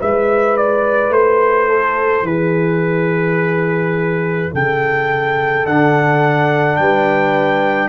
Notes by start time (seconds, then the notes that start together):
0.00 G#3 E4 B4 E5
0.57 D5
1.10 A3 C5
1.69 A4
2.23 E3 G#4 B4
4.53 C#3 A4 G5
5.66 D3 D4 F#5
6.77 G3 B4 G5